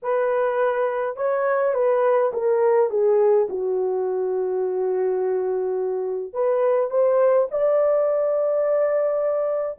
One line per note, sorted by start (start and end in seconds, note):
0.02 1.16 B4
1.16 1.74 C#5
1.74 2.31 B4
2.33 2.90 A#4
2.90 3.47 G#4
3.49 6.33 F#4
6.33 6.90 B4
6.90 7.48 C5
7.51 9.78 D5